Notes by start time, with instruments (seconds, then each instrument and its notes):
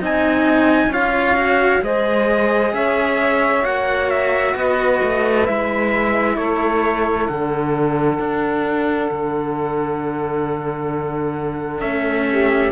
0.00 cello C4 D#4, saxophone D#5, trumpet G#5
0.87 cello C#4 F4, saxophone C#5, trumpet F5
1.36 cello F#4
1.81 cello G#3 G#4, saxophone C5, trumpet D#5
2.73 cello C#4, saxophone C#5, trumpet E5
3.62 cello A#3 F#4, trumpet F#5
4.10 trumpet E5
4.54 cello B3, saxophone B4, trumpet D#5
5.03 cello A3
5.46 cello G#3 E4, trumpet E5
6.36 cello A3, saxophone A4, trumpet C#5
7.27 cello D3 D4, trumpet F#5
8.19 cello D4
9.11 cello D3
11.80 cello A3 C#4, trumpet E5
12.30 saxophone G4